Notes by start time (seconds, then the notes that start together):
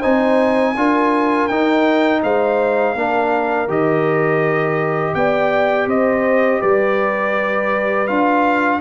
0.00 C4 D#4 C5 G#5
0.77 D4 F4 A#4
1.48 D#4 G5
2.23 G#3 C5 F5
2.95 A#3 D4 A#4
3.68 D#3 G4 D#5
5.15 B3 D5 G5
5.87 C4 C5 D#5
6.61 G3 B4 D5
8.07 D4 F4 F5